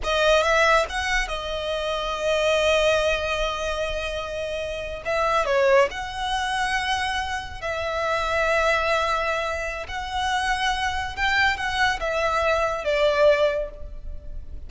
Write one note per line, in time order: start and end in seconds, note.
0.03 0.42 D#5
0.42 0.85 E5
0.89 1.27 F#5
1.27 5.02 D#5
5.05 5.45 E5
5.45 5.88 C#5
5.90 7.61 F#5
7.61 9.86 E5
9.88 11.15 F#5
11.15 11.57 G5
11.57 11.99 F#5
12.00 12.84 E5
12.84 13.70 D5